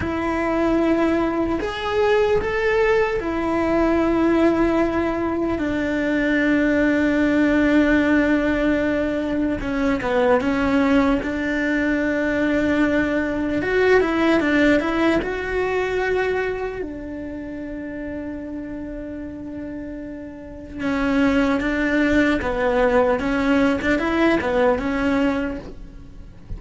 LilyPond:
\new Staff \with { instrumentName = "cello" } { \time 4/4 \tempo 4 = 75 e'2 gis'4 a'4 | e'2. d'4~ | d'1 | cis'8 b8 cis'4 d'2~ |
d'4 fis'8 e'8 d'8 e'8 fis'4~ | fis'4 d'2.~ | d'2 cis'4 d'4 | b4 cis'8. d'16 e'8 b8 cis'4 | }